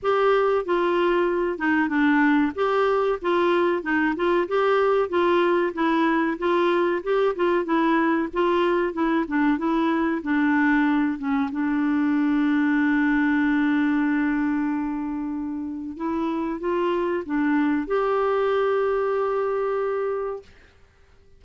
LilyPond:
\new Staff \with { instrumentName = "clarinet" } { \time 4/4 \tempo 4 = 94 g'4 f'4. dis'8 d'4 | g'4 f'4 dis'8 f'8 g'4 | f'4 e'4 f'4 g'8 f'8 | e'4 f'4 e'8 d'8 e'4 |
d'4. cis'8 d'2~ | d'1~ | d'4 e'4 f'4 d'4 | g'1 | }